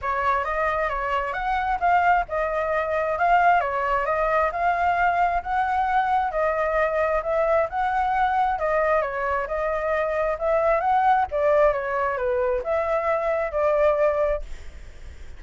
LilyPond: \new Staff \with { instrumentName = "flute" } { \time 4/4 \tempo 4 = 133 cis''4 dis''4 cis''4 fis''4 | f''4 dis''2 f''4 | cis''4 dis''4 f''2 | fis''2 dis''2 |
e''4 fis''2 dis''4 | cis''4 dis''2 e''4 | fis''4 d''4 cis''4 b'4 | e''2 d''2 | }